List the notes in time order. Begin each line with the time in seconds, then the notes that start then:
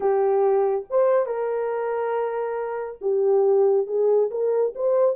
0.00 G4
0.90 C5
1.26 A#4
3.01 G4
3.86 G#4
4.30 A#4
4.75 C5